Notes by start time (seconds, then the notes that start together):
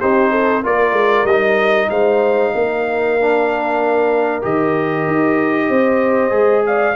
0.00 C4 D#4 G4 C5
0.31 A4
0.63 A#3 F4 A#4 D5
0.92 G#3
1.24 G3 D#5
1.31 D#4
1.90 G#3 C5 F5
2.55 A#3 A#4
3.20 D4
4.42 D#3 G4 D#5
5.07 D#4
5.69 C4 C5
6.31 G#3 G#4
6.66 D5 F5